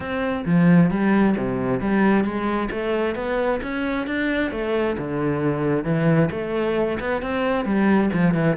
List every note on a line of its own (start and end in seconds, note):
0.00 0.44 C4
0.45 0.90 F3
0.90 1.35 G3
1.37 1.80 C3
1.80 2.24 G3
2.24 2.69 G#3
2.70 3.15 A3
3.15 3.60 B3
3.62 4.06 C#4
4.06 4.51 D4
4.51 4.96 A3
4.98 5.84 D3
5.84 6.29 E3
6.31 6.98 A3
7.00 7.22 B3
7.22 7.65 C4
7.65 8.10 G3
8.13 8.34 F3
8.34 8.56 E3